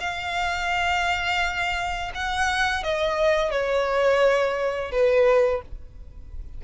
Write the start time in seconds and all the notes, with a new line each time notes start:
0.00 F5
2.15 F#5
2.83 D#5
3.51 C#5
4.91 B4